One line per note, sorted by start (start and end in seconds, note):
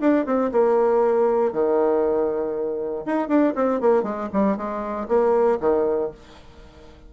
0.00 0.25 D4
0.25 0.51 C4
0.52 1.52 A#3
1.52 3.05 D#3
3.05 3.28 D#4
3.28 3.53 D4
3.55 3.80 C4
3.80 4.03 A#3
4.03 4.28 G#3
4.33 4.56 G3
4.56 5.07 G#3
5.08 5.59 A#3
5.60 6.11 D#3